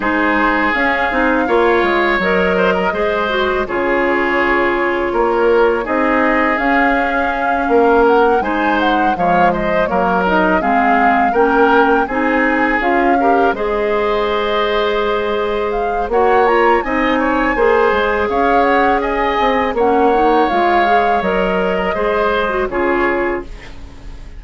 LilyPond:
<<
  \new Staff \with { instrumentName = "flute" } { \time 4/4 \tempo 4 = 82 c''4 f''2 dis''4~ | dis''4 cis''2. | dis''4 f''2 fis''8 gis''8 | fis''8 f''8 dis''8 cis''8 dis''8 f''4 g''8~ |
g''8 gis''4 f''4 dis''4.~ | dis''4. f''8 fis''8 ais''8 gis''4~ | gis''4 f''8 fis''8 gis''4 fis''4 | f''4 dis''2 cis''4 | }
  \new Staff \with { instrumentName = "oboe" } { \time 4/4 gis'2 cis''4. c''16 ais'16 | c''4 gis'2 ais'4 | gis'2~ gis'8 ais'4 c''8~ | c''8 cis''8 c''8 ais'4 gis'4 ais'8~ |
ais'8 gis'4. ais'8 c''4.~ | c''2 cis''4 dis''8 cis''8 | c''4 cis''4 dis''4 cis''4~ | cis''4.~ cis''16 ais'16 c''4 gis'4 | }
  \new Staff \with { instrumentName = "clarinet" } { \time 4/4 dis'4 cis'8 dis'8 f'4 ais'4 | gis'8 fis'8 f'2. | dis'4 cis'2~ cis'8 dis'8~ | dis'8 gis4 ais8 dis'8 c'4 cis'8~ |
cis'8 dis'4 f'8 g'8 gis'4.~ | gis'2 fis'8 f'8 dis'4 | gis'2. cis'8 dis'8 | f'8 gis'8 ais'4 gis'8. fis'16 f'4 | }
  \new Staff \with { instrumentName = "bassoon" } { \time 4/4 gis4 cis'8 c'8 ais8 gis8 fis4 | gis4 cis2 ais4 | c'4 cis'4. ais4 gis8~ | gis8 f4 fis4 gis4 ais8~ |
ais8 c'4 cis'4 gis4.~ | gis2 ais4 c'4 | ais8 gis8 cis'4. c'8 ais4 | gis4 fis4 gis4 cis4 | }
>>